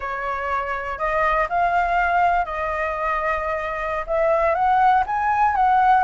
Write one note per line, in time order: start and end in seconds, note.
0.00 0.98 C#5
0.98 1.47 D#5
1.49 2.45 F5
2.45 4.05 D#5
4.06 4.54 E5
4.54 5.03 F#5
5.06 5.55 G#5
5.55 6.03 F#5